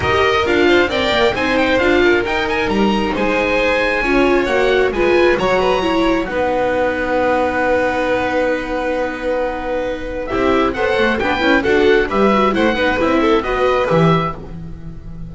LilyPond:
<<
  \new Staff \with { instrumentName = "oboe" } { \time 4/4 \tempo 4 = 134 dis''4 f''4 g''4 gis''8 g''8 | f''4 g''8 gis''8 ais''4 gis''4~ | gis''2 fis''4 gis''4 | ais''2 fis''2~ |
fis''1~ | fis''2. e''4 | fis''4 g''4 fis''4 e''4 | fis''4 e''4 dis''4 e''4 | }
  \new Staff \with { instrumentName = "violin" } { \time 4/4 ais'4. c''8 d''4 c''4~ | c''8 ais'2~ ais'8 c''4~ | c''4 cis''2 b'4 | cis''8 b'8 cis''4 b'2~ |
b'1~ | b'2. g'4 | c''4 b'4 a'4 b'4 | c''8 b'4 a'8 b'2 | }
  \new Staff \with { instrumentName = "viola" } { \time 4/4 g'4 f'4 ais'4 dis'4 | f'4 dis'2.~ | dis'4 f'4 fis'4 f'4 | fis'4 e'4 dis'2~ |
dis'1~ | dis'2. e'4 | a'4 d'8 e'8 fis'4 g'8 fis'8 | e'8 dis'8 e'4 fis'4 g'4 | }
  \new Staff \with { instrumentName = "double bass" } { \time 4/4 dis'4 d'4 c'8 ais8 c'4 | d'4 dis'4 g4 gis4~ | gis4 cis'4 ais4 gis4 | fis2 b2~ |
b1~ | b2. c'4 | b8 a8 b8 cis'8 d'4 g4 | a8 b8 c'4 b4 e4 | }
>>